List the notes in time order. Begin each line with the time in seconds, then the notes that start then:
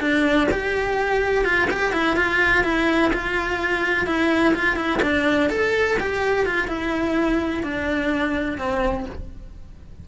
0.00 D4
0.51 G4
1.44 F4
1.70 G4
1.92 E4
2.16 F4
2.64 E4
3.13 F4
4.06 E4
4.54 F4
4.76 E4
5.02 D4
5.50 A4
6.00 G4
6.46 F4
6.68 E4
7.63 D4
8.58 C4